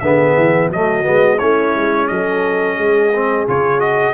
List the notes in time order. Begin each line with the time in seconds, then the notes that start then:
0.00 D3 B3 G#4 E5
0.37 E3
0.70 F#3 A3 F#4 D#5
1.03 G#3 B3
1.39 A3 C#4 E4 C#5
1.76 G#3
2.07 F#3 A4 D#5
2.77 G#3 G#4
3.14 C4
3.48 C#3 F4 C#5
3.79 F#4 D#5